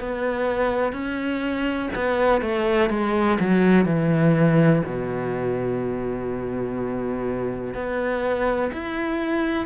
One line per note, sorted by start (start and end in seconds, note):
0.00 0.93 B3
0.93 1.90 C#4
1.95 2.42 B3
2.42 2.90 A3
2.90 3.39 G#3
3.40 3.86 F#3
3.86 4.83 E3
4.86 7.75 B2
7.75 8.71 B3
8.73 9.66 E4